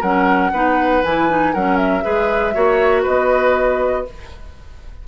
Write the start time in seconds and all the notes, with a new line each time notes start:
0.00 F#3 C#4 A#4 F#5
0.51 B3 D#4 B4
1.03 E3 E4 G#5
1.28 D#4
1.53 F#3 C#4 A#4 F#5
1.76 E5
2.02 G#3 G#4 B4
2.54 A#3 F#4 C#5
3.02 B3 B4 D#5